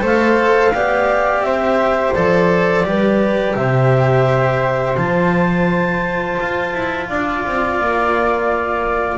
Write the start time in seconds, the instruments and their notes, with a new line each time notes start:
0.00 double bass A3, cello A4, flute C5, clarinet F5
0.74 double bass B3, cello G4, flute D5
1.41 double bass C4, flute C5, clarinet E5
2.14 double bass F3, cello A4, clarinet D5
2.83 double bass G3, cello G4, flute B4
3.55 double bass C3, flute C5, clarinet E5
4.96 double bass F3, cello F4, clarinet A5
6.40 double bass F4
6.74 double bass E4
7.08 double bass D4, flute D5, clarinet F5
7.46 double bass C4
7.80 double bass A#3